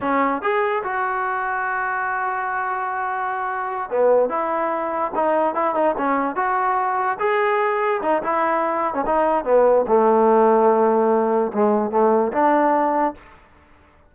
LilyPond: \new Staff \with { instrumentName = "trombone" } { \time 4/4 \tempo 4 = 146 cis'4 gis'4 fis'2~ | fis'1~ | fis'4. b4 e'4.~ | e'8 dis'4 e'8 dis'8 cis'4 fis'8~ |
fis'4. gis'2 dis'8 | e'4.~ e'16 cis'16 dis'4 b4 | a1 | gis4 a4 d'2 | }